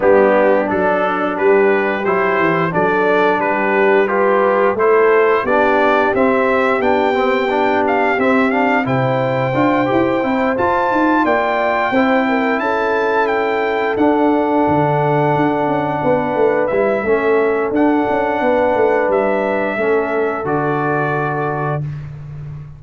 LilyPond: <<
  \new Staff \with { instrumentName = "trumpet" } { \time 4/4 \tempo 4 = 88 g'4 a'4 b'4 c''4 | d''4 b'4 g'4 c''4 | d''4 e''4 g''4. f''8 | e''8 f''8 g''2~ g''8 a''8~ |
a''8 g''2 a''4 g''8~ | g''8 fis''2.~ fis''8~ | fis''8 e''4. fis''2 | e''2 d''2 | }
  \new Staff \with { instrumentName = "horn" } { \time 4/4 d'2 g'2 | a'4 g'4 b'4 a'4 | g'1~ | g'4 c''2.~ |
c''8 d''4 c''8 ais'8 a'4.~ | a'2.~ a'8 b'8~ | b'4 a'2 b'4~ | b'4 a'2. | }
  \new Staff \with { instrumentName = "trombone" } { \time 4/4 b4 d'2 e'4 | d'2 f'4 e'4 | d'4 c'4 d'8 c'8 d'4 | c'8 d'8 e'4 f'8 g'8 e'8 f'8~ |
f'4. e'2~ e'8~ | e'8 d'2.~ d'8~ | d'8 e'8 cis'4 d'2~ | d'4 cis'4 fis'2 | }
  \new Staff \with { instrumentName = "tuba" } { \time 4/4 g4 fis4 g4 fis8 e8 | fis4 g2 a4 | b4 c'4 b2 | c'4 c4 d'8 e'8 c'8 f'8 |
dis'8 ais4 c'4 cis'4.~ | cis'8 d'4 d4 d'8 cis'8 b8 | a8 g8 a4 d'8 cis'8 b8 a8 | g4 a4 d2 | }
>>